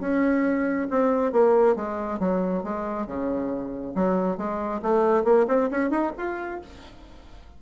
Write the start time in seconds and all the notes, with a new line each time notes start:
0.00 C#4
0.90 C4
1.32 A#3
1.76 G#3
2.19 F#3
2.63 G#3
3.07 C#3
3.95 F#3
4.37 G#3
4.82 A3
5.24 A#3
5.48 C4
5.71 C#4
5.90 D#4
6.17 F4